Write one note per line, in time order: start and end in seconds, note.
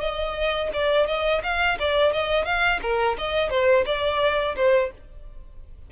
0.00 0.70 D#5
0.73 1.07 D5
1.07 1.42 D#5
1.43 1.78 F5
1.79 2.12 D5
2.12 2.45 D#5
2.45 2.80 F5
2.82 3.16 A#4
3.18 3.49 D#5
3.49 3.84 C5
3.85 4.55 D5
4.56 4.91 C5